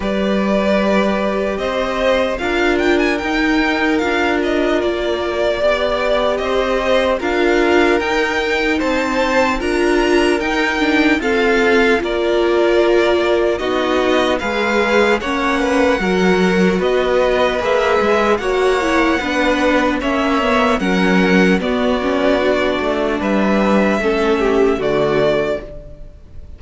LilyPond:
<<
  \new Staff \with { instrumentName = "violin" } { \time 4/4 \tempo 4 = 75 d''2 dis''4 f''8 g''16 gis''16 | g''4 f''8 dis''8 d''2 | dis''4 f''4 g''4 a''4 | ais''4 g''4 f''4 d''4~ |
d''4 dis''4 f''4 fis''4~ | fis''4 dis''4 e''4 fis''4~ | fis''4 e''4 fis''4 d''4~ | d''4 e''2 d''4 | }
  \new Staff \with { instrumentName = "violin" } { \time 4/4 b'2 c''4 ais'4~ | ais'2. d''4 | c''4 ais'2 c''4 | ais'2 a'4 ais'4~ |
ais'4 fis'4 b'4 cis''8 b'8 | ais'4 b'2 cis''4 | b'4 cis''4 ais'4 fis'4~ | fis'4 b'4 a'8 g'8 fis'4 | }
  \new Staff \with { instrumentName = "viola" } { \time 4/4 g'2. f'4 | dis'4 f'2 g'4~ | g'4 f'4 dis'2 | f'4 dis'8 d'8 c'4 f'4~ |
f'4 dis'4 gis'4 cis'4 | fis'2 gis'4 fis'8 e'8 | d'4 cis'8 b8 cis'4 b8 cis'8 | d'2 cis'4 a4 | }
  \new Staff \with { instrumentName = "cello" } { \time 4/4 g2 c'4 d'4 | dis'4 d'4 ais4 b4 | c'4 d'4 dis'4 c'4 | d'4 dis'4 f'4 ais4~ |
ais4 b4 gis4 ais4 | fis4 b4 ais8 gis8 ais4 | b4 ais4 fis4 b4~ | b8 a8 g4 a4 d4 | }
>>